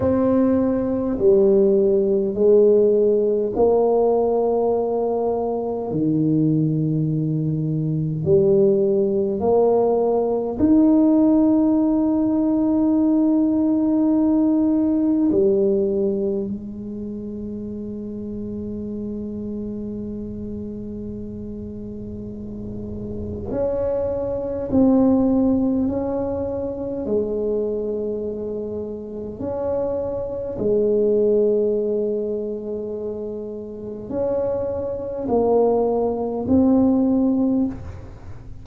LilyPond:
\new Staff \with { instrumentName = "tuba" } { \time 4/4 \tempo 4 = 51 c'4 g4 gis4 ais4~ | ais4 dis2 g4 | ais4 dis'2.~ | dis'4 g4 gis2~ |
gis1 | cis'4 c'4 cis'4 gis4~ | gis4 cis'4 gis2~ | gis4 cis'4 ais4 c'4 | }